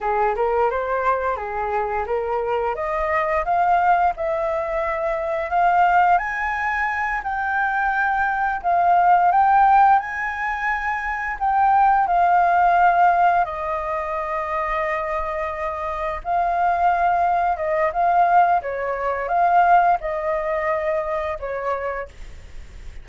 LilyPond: \new Staff \with { instrumentName = "flute" } { \time 4/4 \tempo 4 = 87 gis'8 ais'8 c''4 gis'4 ais'4 | dis''4 f''4 e''2 | f''4 gis''4. g''4.~ | g''8 f''4 g''4 gis''4.~ |
gis''8 g''4 f''2 dis''8~ | dis''2.~ dis''8 f''8~ | f''4. dis''8 f''4 cis''4 | f''4 dis''2 cis''4 | }